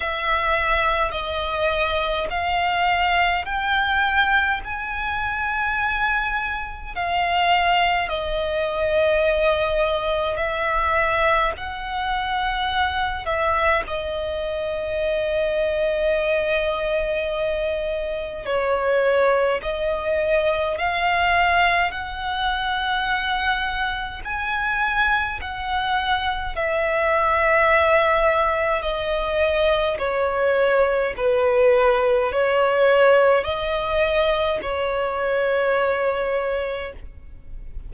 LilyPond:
\new Staff \with { instrumentName = "violin" } { \time 4/4 \tempo 4 = 52 e''4 dis''4 f''4 g''4 | gis''2 f''4 dis''4~ | dis''4 e''4 fis''4. e''8 | dis''1 |
cis''4 dis''4 f''4 fis''4~ | fis''4 gis''4 fis''4 e''4~ | e''4 dis''4 cis''4 b'4 | cis''4 dis''4 cis''2 | }